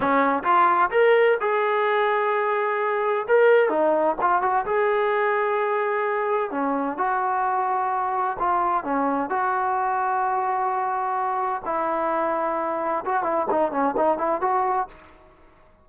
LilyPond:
\new Staff \with { instrumentName = "trombone" } { \time 4/4 \tempo 4 = 129 cis'4 f'4 ais'4 gis'4~ | gis'2. ais'4 | dis'4 f'8 fis'8 gis'2~ | gis'2 cis'4 fis'4~ |
fis'2 f'4 cis'4 | fis'1~ | fis'4 e'2. | fis'8 e'8 dis'8 cis'8 dis'8 e'8 fis'4 | }